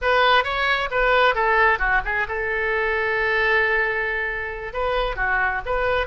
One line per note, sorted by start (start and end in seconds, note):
0.01 0.44 B4
0.44 0.89 C#5
0.90 1.34 B4
1.34 1.78 A4
1.78 2.01 F#4
2.04 2.27 G#4
2.27 4.73 A4
4.73 5.16 B4
5.16 5.61 F#4
5.65 6.07 B4